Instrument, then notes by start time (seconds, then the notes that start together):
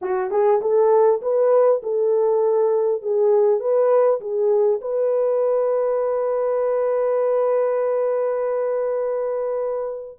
horn
0.01 F#4
0.30 G#4
0.61 A4
1.21 B4
1.82 A4
3.02 G#4
3.59 B4
4.20 G#4
4.81 B4